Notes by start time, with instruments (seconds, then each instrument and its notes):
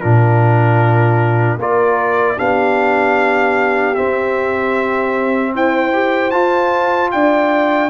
0.00 tuba A#2, trombone D4, horn F4, trumpet A#4
1.57 tuba A#3, trombone F4, horn A#4, trumpet D5
2.37 tuba B3, trombone D4, horn G4, trumpet F5
3.94 trombone C4, tuba C4, trumpet E5
5.52 tuba E4, horn C5, trumpet G5
5.92 trombone G4
6.30 trombone F4, tuba F4, trumpet A5
7.11 tuba D4, horn D5, trumpet G5